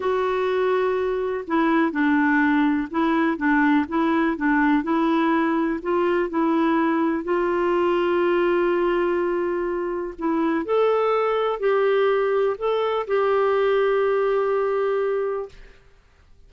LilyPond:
\new Staff \with { instrumentName = "clarinet" } { \time 4/4 \tempo 4 = 124 fis'2. e'4 | d'2 e'4 d'4 | e'4 d'4 e'2 | f'4 e'2 f'4~ |
f'1~ | f'4 e'4 a'2 | g'2 a'4 g'4~ | g'1 | }